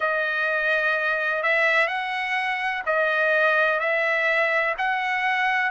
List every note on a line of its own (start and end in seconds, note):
0.00 1.42 D#5
1.42 1.87 E5
1.87 2.83 F#5
2.86 3.79 D#5
3.79 4.74 E5
4.78 5.70 F#5